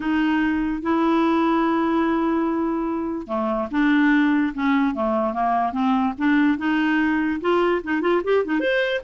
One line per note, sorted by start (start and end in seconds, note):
0.00 0.81 D#4
0.81 3.27 E4
3.27 3.68 A3
3.71 4.53 D4
4.54 4.94 C#4
4.94 5.33 A3
5.33 5.72 A#3
5.72 6.13 C4
6.18 6.58 D4
6.58 7.40 D#4
7.40 7.82 F4
7.83 8.01 D#4
8.01 8.22 F4
8.24 8.44 G4
8.45 8.59 D#4
8.59 9.01 C5